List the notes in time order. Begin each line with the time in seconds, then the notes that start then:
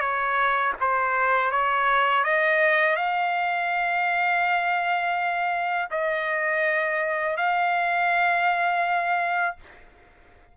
0.00 C#5
0.80 C5
1.51 C#5
2.24 D#5
2.96 F5
5.91 D#5
7.37 F5